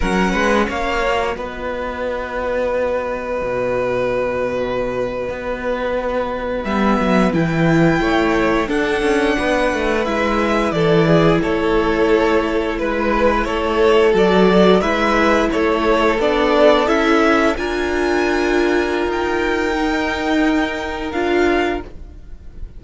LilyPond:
<<
  \new Staff \with { instrumentName = "violin" } { \time 4/4 \tempo 4 = 88 fis''4 f''4 dis''2~ | dis''1~ | dis''4.~ dis''16 e''4 g''4~ g''16~ | g''8. fis''2 e''4 d''16~ |
d''8. cis''2 b'4 cis''16~ | cis''8. d''4 e''4 cis''4 d''16~ | d''8. e''4 gis''2~ gis''16 | g''2. f''4 | }
  \new Staff \with { instrumentName = "violin" } { \time 4/4 ais'8 b'8 cis''4 b'2~ | b'1~ | b'2.~ b'8. cis''16~ | cis''8. a'4 b'2 a'16~ |
a'16 gis'8 a'2 b'4 a'16~ | a'4.~ a'16 b'4 a'4~ a'16~ | a'4.~ a'16 ais'2~ ais'16~ | ais'1 | }
  \new Staff \with { instrumentName = "viola" } { \time 4/4 cis'4. fis'2~ fis'8~ | fis'1~ | fis'4.~ fis'16 b4 e'4~ e'16~ | e'8. d'2 e'4~ e'16~ |
e'1~ | e'8. fis'4 e'2 d'16~ | d'8. e'4 f'2~ f'16~ | f'4 dis'2 f'4 | }
  \new Staff \with { instrumentName = "cello" } { \time 4/4 fis8 gis8 ais4 b2~ | b4 b,2~ b,8. b16~ | b4.~ b16 g8 fis8 e4 a16~ | a8. d'8 cis'8 b8 a8 gis4 e16~ |
e8. a2 gis4 a16~ | a8. fis4 gis4 a4 b16~ | b8. cis'4 d'2~ d'16 | dis'2. d'4 | }
>>